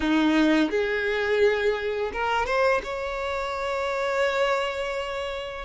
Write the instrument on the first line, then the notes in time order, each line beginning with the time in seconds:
violin
0.00 D#4
0.70 G#4
2.12 A#4
2.45 C5
2.83 C#5